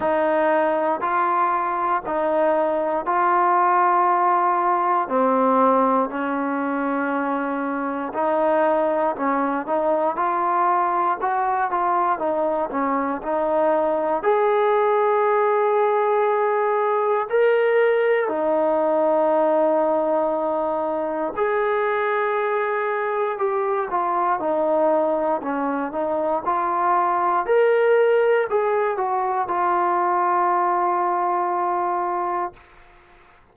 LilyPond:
\new Staff \with { instrumentName = "trombone" } { \time 4/4 \tempo 4 = 59 dis'4 f'4 dis'4 f'4~ | f'4 c'4 cis'2 | dis'4 cis'8 dis'8 f'4 fis'8 f'8 | dis'8 cis'8 dis'4 gis'2~ |
gis'4 ais'4 dis'2~ | dis'4 gis'2 g'8 f'8 | dis'4 cis'8 dis'8 f'4 ais'4 | gis'8 fis'8 f'2. | }